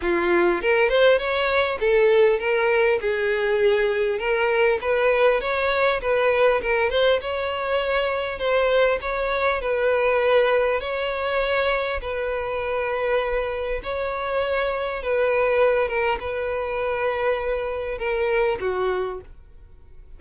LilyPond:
\new Staff \with { instrumentName = "violin" } { \time 4/4 \tempo 4 = 100 f'4 ais'8 c''8 cis''4 a'4 | ais'4 gis'2 ais'4 | b'4 cis''4 b'4 ais'8 c''8 | cis''2 c''4 cis''4 |
b'2 cis''2 | b'2. cis''4~ | cis''4 b'4. ais'8 b'4~ | b'2 ais'4 fis'4 | }